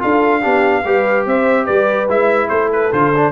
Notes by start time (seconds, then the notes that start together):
0.00 D4 F4 A4 F5
0.42 B3 D4 G4
0.85 G3 G4 B4
1.26 C4 C5 E5
1.65 G3 B4 D5
2.09 G#3 E4 E5
2.49 A3 A4 C5
2.73 B4
2.92 D3 F4 C5
3.17 D4